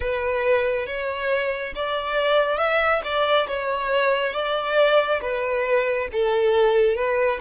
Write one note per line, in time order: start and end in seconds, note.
0.00 0.86 B4
0.86 1.73 C#5
1.75 2.58 D5
2.58 3.01 E5
3.04 3.47 D5
3.47 4.33 C#5
4.33 5.20 D5
5.21 6.08 B4
6.12 6.95 A4
6.95 7.39 B4